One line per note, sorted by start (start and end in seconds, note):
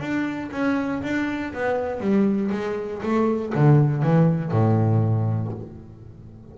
0.00 0.50 D4
0.52 1.02 C#4
1.03 1.53 D4
1.54 2.00 B3
2.00 2.51 G3
2.52 3.02 G#3
3.03 3.53 A3
3.55 4.03 D3
4.03 4.52 E3
4.52 5.53 A2